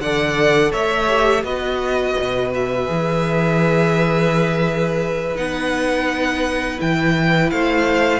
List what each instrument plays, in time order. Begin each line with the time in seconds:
0.00 cello D3, viola A4, violin D5 F#5
0.71 cello A3, violin C#5 E5
1.07 viola G4
1.43 cello B3, viola F#4, violin B4 D#5
2.19 cello B2
2.54 violin E5
2.85 cello E3, viola G#4
5.35 cello B3, viola D#4, violin F#5
6.77 cello E3, viola E4, violin G5
7.50 cello A3, violin C5 F5